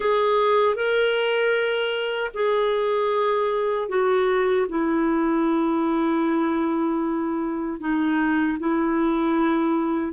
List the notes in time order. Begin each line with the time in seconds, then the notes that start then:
0.00 G#4
0.75 A#4
2.34 G#4
3.88 F#4
4.68 E4
7.80 D#4
8.59 E4